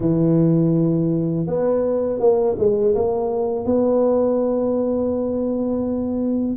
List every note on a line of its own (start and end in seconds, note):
0.00 1.46 E3
1.46 2.20 B3
2.20 2.56 A#3
2.58 2.95 G#3
2.95 3.65 A#3
3.65 6.57 B3